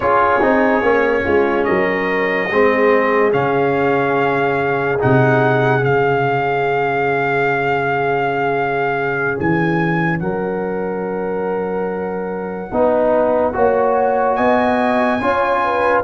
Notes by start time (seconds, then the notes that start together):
0.00 C#4 F4 G#4 C#5
0.40 C4 D#4
0.82 A#3 C#4
1.23 G#3 F4
1.64 F#3 A#4 D#5
2.51 G#3 C4 G#4
3.31 C#3 C#4 F5
4.99 C3 D#4 F#5
5.81 C#3 C#4 F5
9.39 E3 G#5
10.19 F#3 A#4 F#5
12.72 B3 D#4 B4
13.53 A#3 F#4 C#5
14.35 B3 D#5 G#5
15.20 C#4 F4 C#5
15.64 B4